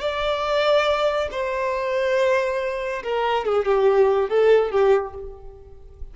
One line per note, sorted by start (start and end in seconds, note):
0.00 1.29 D5
1.31 3.02 C5
3.03 3.45 A#4
3.45 3.65 G#4
3.65 4.29 G4
4.29 4.71 A4
4.71 5.14 G4